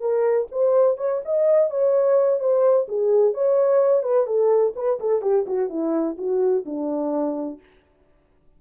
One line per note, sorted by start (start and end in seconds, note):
0.00 0.47 A#4
0.51 0.97 C5
0.97 1.21 C#5
1.25 1.70 D#5
1.70 2.40 C#5
2.40 2.87 C5
2.88 3.34 G#4
3.34 4.03 C#5
4.03 4.26 B4
4.26 4.74 A4
4.76 4.99 B4
5.00 5.22 A4
5.22 5.45 G4
5.47 5.69 F#4
5.69 6.17 E4
6.18 6.65 F#4
6.65 7.60 D4